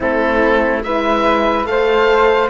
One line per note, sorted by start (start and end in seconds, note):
0.00 0.84 A3
0.00 0.83 C4
0.00 0.83 E4
0.00 0.83 A4
0.83 1.66 G#3
0.83 1.65 E4
0.83 1.68 B4
0.83 1.66 E5
1.65 2.49 A3
1.65 2.48 A4
1.65 2.49 C5
1.65 2.49 F5